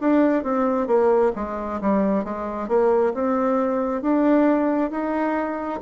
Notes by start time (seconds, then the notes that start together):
0.00 D4
0.43 C4
0.87 A#3
1.35 G#3
1.81 G3
2.24 G#3
2.68 A#3
3.13 C4
4.02 D4
4.91 D#4